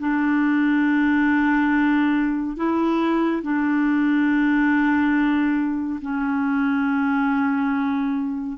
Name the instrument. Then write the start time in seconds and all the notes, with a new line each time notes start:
clarinet
0.00 D4
2.57 E4
3.43 D4
6.02 C#4